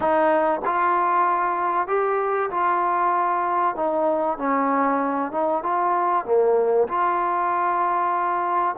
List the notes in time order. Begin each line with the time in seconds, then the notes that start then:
0.00 D#4
0.65 F4
1.87 G4
2.50 F4
3.75 D#4
4.38 C#4
5.31 D#4
5.63 F4
6.25 A#3
6.88 F4